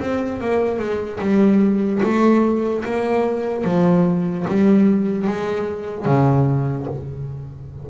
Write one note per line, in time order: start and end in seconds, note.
0.00 0.41 C4
0.41 0.79 A#3
0.79 1.20 G#3
1.20 2.01 G3
2.03 2.85 A3
2.85 3.64 A#3
3.64 4.46 F3
4.48 5.28 G3
5.28 6.06 G#3
6.06 6.87 C#3